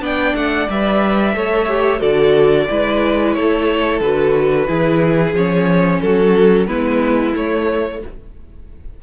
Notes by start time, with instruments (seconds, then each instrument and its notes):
0.00 cello B3, viola D4, violin D5 G5
0.35 cello A3, violin F#5
0.69 cello G3, viola B4, violin E5
1.33 cello A3, viola A4, violin C#5
1.68 viola G4
1.99 cello D3, viola F#4, violin A4 D5
2.69 cello G#3, viola E4, violin B4
3.33 cello A3, violin A4 C#5
4.00 cello D3, viola F#4, violin B4
4.67 cello E3, viola E4, violin G#4
5.33 cello F3, viola C#4, violin C#5
6.00 cello F#3, violin F#4 A4
6.66 cello G#3, viola B3, violin E4 B4
7.34 viola A3, cello A3, violin C#5